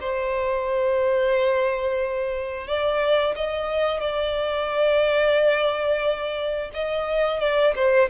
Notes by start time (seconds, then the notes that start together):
0.00 C5
2.67 D5
3.36 D#5
4.00 D5
6.73 D#5
7.40 D5
7.75 C5